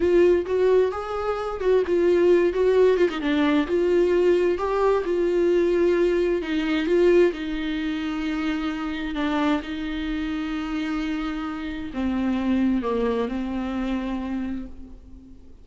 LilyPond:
\new Staff \with { instrumentName = "viola" } { \time 4/4 \tempo 4 = 131 f'4 fis'4 gis'4. fis'8 | f'4. fis'4 f'16 dis'16 d'4 | f'2 g'4 f'4~ | f'2 dis'4 f'4 |
dis'1 | d'4 dis'2.~ | dis'2 c'2 | ais4 c'2. | }